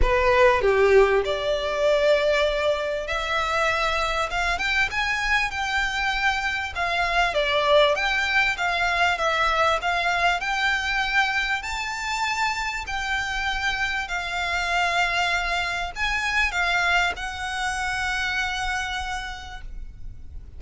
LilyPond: \new Staff \with { instrumentName = "violin" } { \time 4/4 \tempo 4 = 98 b'4 g'4 d''2~ | d''4 e''2 f''8 g''8 | gis''4 g''2 f''4 | d''4 g''4 f''4 e''4 |
f''4 g''2 a''4~ | a''4 g''2 f''4~ | f''2 gis''4 f''4 | fis''1 | }